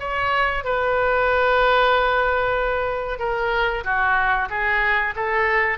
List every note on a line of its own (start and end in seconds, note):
0.00 0.64 C#5
0.64 3.19 B4
3.19 3.84 A#4
3.84 4.49 F#4
4.50 5.14 G#4
5.16 5.78 A4